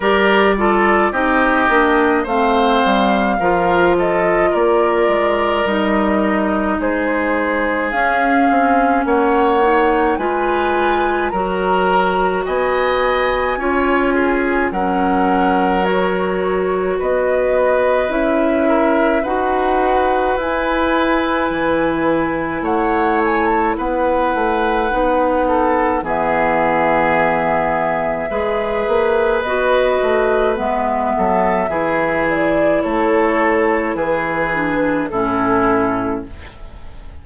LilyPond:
<<
  \new Staff \with { instrumentName = "flute" } { \time 4/4 \tempo 4 = 53 d''4 dis''4 f''4. dis''8 | d''4 dis''4 c''4 f''4 | fis''4 gis''4 ais''4 gis''4~ | gis''4 fis''4 cis''4 dis''4 |
e''4 fis''4 gis''2 | fis''8 gis''16 a''16 fis''2 e''4~ | e''2 dis''4 e''4~ | e''8 d''8 cis''4 b'4 a'4 | }
  \new Staff \with { instrumentName = "oboe" } { \time 4/4 ais'8 a'8 g'4 c''4 ais'8 a'8 | ais'2 gis'2 | cis''4 b'4 ais'4 dis''4 | cis''8 gis'8 ais'2 b'4~ |
b'8 ais'8 b'2. | cis''4 b'4. a'8 gis'4~ | gis'4 b'2~ b'8 a'8 | gis'4 a'4 gis'4 e'4 | }
  \new Staff \with { instrumentName = "clarinet" } { \time 4/4 g'8 f'8 dis'8 d'8 c'4 f'4~ | f'4 dis'2 cis'4~ | cis'8 dis'8 f'4 fis'2 | f'4 cis'4 fis'2 |
e'4 fis'4 e'2~ | e'2 dis'4 b4~ | b4 gis'4 fis'4 b4 | e'2~ e'8 d'8 cis'4 | }
  \new Staff \with { instrumentName = "bassoon" } { \time 4/4 g4 c'8 ais8 a8 g8 f4 | ais8 gis8 g4 gis4 cis'8 c'8 | ais4 gis4 fis4 b4 | cis'4 fis2 b4 |
cis'4 dis'4 e'4 e4 | a4 b8 a8 b4 e4~ | e4 gis8 ais8 b8 a8 gis8 fis8 | e4 a4 e4 a,4 | }
>>